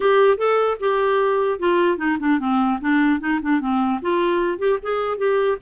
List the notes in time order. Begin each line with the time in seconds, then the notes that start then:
0.00 G4
0.37 A4
0.79 G4
1.59 F4
1.97 D#4
2.19 D4
2.39 C4
2.80 D4
3.20 D#4
3.42 D4
3.60 C4
4.01 F4
4.58 G4
4.82 G#4
5.17 G4